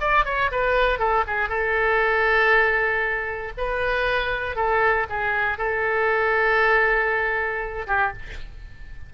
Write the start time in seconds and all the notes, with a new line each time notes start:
0.00 D5
0.25 C#5
0.51 B4
0.99 A4
1.27 G#4
1.49 A4
3.57 B4
4.56 A4
5.09 G#4
5.58 A4
7.87 G4